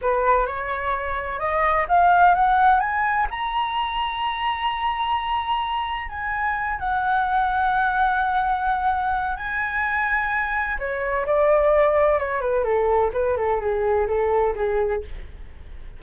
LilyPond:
\new Staff \with { instrumentName = "flute" } { \time 4/4 \tempo 4 = 128 b'4 cis''2 dis''4 | f''4 fis''4 gis''4 ais''4~ | ais''1~ | ais''4 gis''4. fis''4.~ |
fis''1 | gis''2. cis''4 | d''2 cis''8 b'8 a'4 | b'8 a'8 gis'4 a'4 gis'4 | }